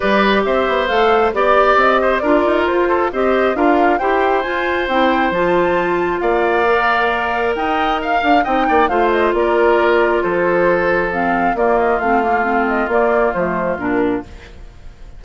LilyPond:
<<
  \new Staff \with { instrumentName = "flute" } { \time 4/4 \tempo 4 = 135 d''4 e''4 f''4 d''4 | dis''4 d''4 c''4 dis''4 | f''4 g''4 gis''4 g''4 | a''2 f''2~ |
f''4 g''4 f''4 g''4 | f''8 dis''8 d''2 c''4~ | c''4 f''4 d''8 dis''8 f''4~ | f''8 dis''8 d''4 c''4 ais'4 | }
  \new Staff \with { instrumentName = "oboe" } { \time 4/4 b'4 c''2 d''4~ | d''8 c''8 ais'4. a'8 c''4 | ais'4 c''2.~ | c''2 d''2~ |
d''4 dis''4 f''4 dis''8 d''8 | c''4 ais'2 a'4~ | a'2 f'2~ | f'1 | }
  \new Staff \with { instrumentName = "clarinet" } { \time 4/4 g'2 a'4 g'4~ | g'4 f'2 g'4 | f'4 g'4 f'4 e'4 | f'2. ais'4~ |
ais'2. dis'4 | f'1~ | f'4 c'4 ais4 c'8 ais8 | c'4 ais4 a4 d'4 | }
  \new Staff \with { instrumentName = "bassoon" } { \time 4/4 g4 c'8 b8 a4 b4 | c'4 d'8 dis'8 f'4 c'4 | d'4 e'4 f'4 c'4 | f2 ais2~ |
ais4 dis'4. d'8 c'8 ais8 | a4 ais2 f4~ | f2 ais4 a4~ | a4 ais4 f4 ais,4 | }
>>